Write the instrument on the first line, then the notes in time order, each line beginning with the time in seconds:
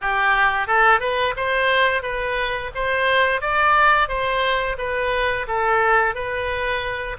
oboe
0.01 G4
0.67 A4
1.00 B4
1.36 C5
2.02 B4
2.75 C5
3.41 D5
4.08 C5
4.78 B4
5.47 A4
6.14 B4